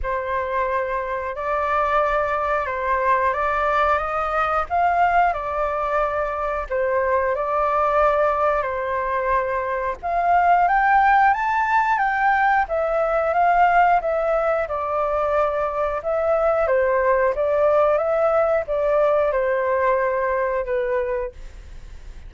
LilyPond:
\new Staff \with { instrumentName = "flute" } { \time 4/4 \tempo 4 = 90 c''2 d''2 | c''4 d''4 dis''4 f''4 | d''2 c''4 d''4~ | d''4 c''2 f''4 |
g''4 a''4 g''4 e''4 | f''4 e''4 d''2 | e''4 c''4 d''4 e''4 | d''4 c''2 b'4 | }